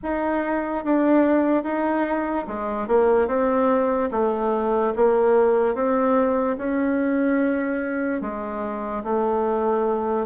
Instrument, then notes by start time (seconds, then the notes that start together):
bassoon
0.02 D#4
0.84 D4
1.63 D#4
2.47 G#3
2.87 A#3
3.27 C4
4.11 A3
4.95 A#3
5.74 C4
6.57 C#4
8.21 G#3
9.03 A3